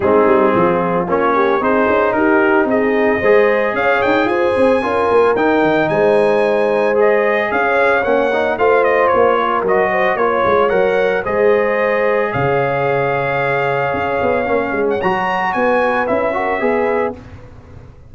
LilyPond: <<
  \new Staff \with { instrumentName = "trumpet" } { \time 4/4 \tempo 4 = 112 gis'2 cis''4 c''4 | ais'4 dis''2 f''8 g''8 | gis''2 g''4 gis''4~ | gis''4 dis''4 f''4 fis''4 |
f''8 dis''8 cis''4 dis''4 cis''4 | fis''4 dis''2 f''4~ | f''2.~ f''8. fis''16 | ais''4 gis''4 e''2 | }
  \new Staff \with { instrumentName = "horn" } { \time 4/4 dis'4 f'4. g'8 gis'4 | g'4 gis'4 c''4 cis''4 | c''4 ais'2 c''4~ | c''2 cis''2 |
c''4. ais'4 c''8 cis''4~ | cis''4 c''2 cis''4~ | cis''1~ | cis''4 b'4. ais'8 b'4 | }
  \new Staff \with { instrumentName = "trombone" } { \time 4/4 c'2 cis'4 dis'4~ | dis'2 gis'2~ | gis'4 f'4 dis'2~ | dis'4 gis'2 cis'8 dis'8 |
f'2 fis'4 f'4 | ais'4 gis'2.~ | gis'2. cis'4 | fis'2 e'8 fis'8 gis'4 | }
  \new Staff \with { instrumentName = "tuba" } { \time 4/4 gis8 g8 f4 ais4 c'8 cis'8 | dis'4 c'4 gis4 cis'8 dis'8 | f'8 c'8 cis'8 ais8 dis'8 dis8 gis4~ | gis2 cis'4 ais4 |
a4 ais4 fis4 ais8 gis8 | fis4 gis2 cis4~ | cis2 cis'8 b8 ais8 gis8 | fis4 b4 cis'4 b4 | }
>>